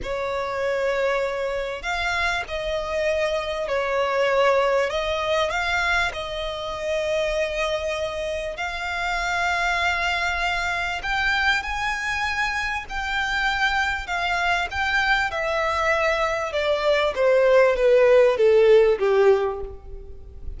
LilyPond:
\new Staff \with { instrumentName = "violin" } { \time 4/4 \tempo 4 = 98 cis''2. f''4 | dis''2 cis''2 | dis''4 f''4 dis''2~ | dis''2 f''2~ |
f''2 g''4 gis''4~ | gis''4 g''2 f''4 | g''4 e''2 d''4 | c''4 b'4 a'4 g'4 | }